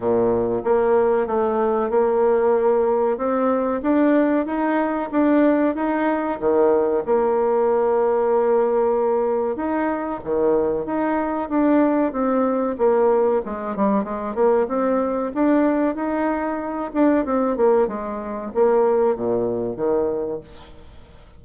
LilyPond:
\new Staff \with { instrumentName = "bassoon" } { \time 4/4 \tempo 4 = 94 ais,4 ais4 a4 ais4~ | ais4 c'4 d'4 dis'4 | d'4 dis'4 dis4 ais4~ | ais2. dis'4 |
dis4 dis'4 d'4 c'4 | ais4 gis8 g8 gis8 ais8 c'4 | d'4 dis'4. d'8 c'8 ais8 | gis4 ais4 ais,4 dis4 | }